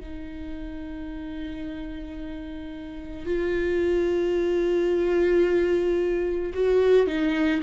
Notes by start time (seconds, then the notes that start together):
0.00 D#4
3.26 F4
6.54 F#4
7.07 D#4